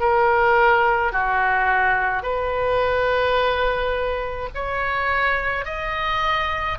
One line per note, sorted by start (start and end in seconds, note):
0.00 1.12 A#4
1.12 2.23 F#4
2.23 4.49 B4
4.55 5.65 C#5
5.65 6.78 D#5